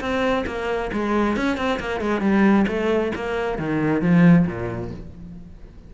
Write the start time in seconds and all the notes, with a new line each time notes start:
0.00 C4
0.46 A#3
0.93 G#3
1.36 C#4
1.57 C4
1.79 A#3
2.01 G#3
2.21 G3
2.67 A3
3.15 A#3
3.58 D#3
4.01 F3
4.46 A#2